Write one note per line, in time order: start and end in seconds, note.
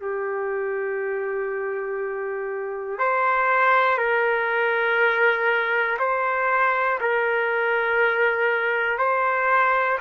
0.00 2.99 G4
2.99 3.98 C5
3.98 5.98 A#4
6.00 7.00 C5
7.01 8.98 A#4
8.98 9.98 C5